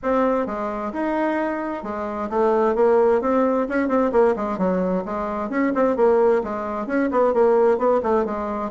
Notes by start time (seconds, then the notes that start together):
0.02 C4
0.46 G#3
0.92 D#4
1.83 G#3
2.29 A3
2.75 A#3
3.21 C4
3.68 C#4
3.88 C4
4.12 A#3
4.36 G#3
4.58 F#3
5.05 G#3
5.49 C#4
5.74 C4
5.96 A#3
6.43 G#3
6.86 C#4
7.11 B3
7.33 A#3
7.78 B3
8.02 A3
8.25 G#3